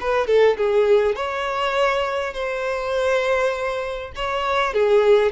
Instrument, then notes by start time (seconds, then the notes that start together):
violin
0.00 B4
0.27 A4
0.57 G#4
1.15 C#5
2.33 C5
4.15 C#5
4.73 G#4